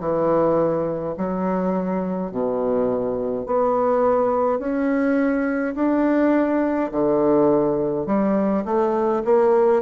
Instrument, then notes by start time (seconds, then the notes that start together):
bassoon
0.00 E3
1.18 F#3
2.32 B2
3.47 B3
4.59 C#4
5.76 D4
6.92 D3
8.07 G3
8.65 A3
9.25 A#3